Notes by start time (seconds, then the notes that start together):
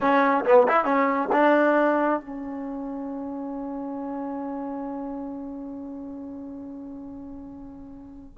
0.00 C#4
0.45 B3
0.67 E4
0.84 C#4
1.32 D4
2.20 C#4